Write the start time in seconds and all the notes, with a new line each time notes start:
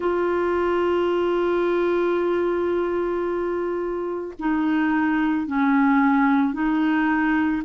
0.00 F4
4.39 D#4
5.46 C#4
6.53 D#4